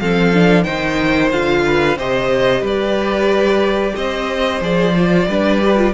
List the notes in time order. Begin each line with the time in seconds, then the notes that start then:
0.00 F3 C4 A4 F5
0.34 D4
0.64 D#3 D#4 C5 G5
1.32 D3 F4 F5
1.66 B4
1.98 C3 G4 C5 D#5
2.61 G3 B4 D5
3.96 C4 C5 D#5
4.61 F3 G#4 D5
4.96 F4
5.28 G3 D4 B4
5.62 G4
5.77 F4